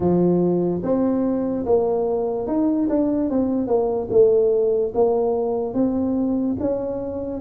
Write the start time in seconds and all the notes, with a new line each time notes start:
0.00 F3
0.83 C4
1.65 A#3
2.47 D#4
2.89 D4
3.30 C4
3.67 A#3
4.10 A3
4.94 A#3
5.73 C4
6.59 C#4